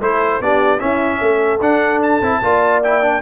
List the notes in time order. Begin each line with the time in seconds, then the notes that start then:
0.00 A3 E4 A4 C5
0.40 B3 D4 G4 D5
0.79 C#4 E4 E5
1.19 A3 A4
1.61 D4 F#5
2.03 A5
2.21 C4 E4
2.42 A#3 F4 D5
2.83 E4 G5
3.02 D4